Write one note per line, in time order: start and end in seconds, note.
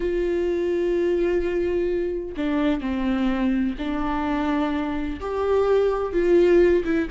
0.00 2.35 F4
2.36 2.80 D4
2.80 3.75 C4
3.78 5.20 D4
5.20 6.12 G4
6.12 6.83 F4
6.84 7.07 E4